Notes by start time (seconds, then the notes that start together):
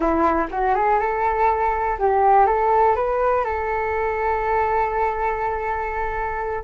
0.00 E4
0.51 F#4
0.74 G#4
0.99 A4
1.98 G4
2.46 A4
2.95 B4
3.44 A4